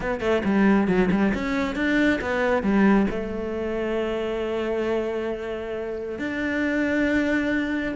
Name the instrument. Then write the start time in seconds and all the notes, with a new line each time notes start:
cello
0.00 B3
0.20 A3
0.44 G3
0.87 F#3
1.11 G3
1.34 C#4
1.75 D4
2.21 B3
2.62 G3
3.10 A3
6.18 D4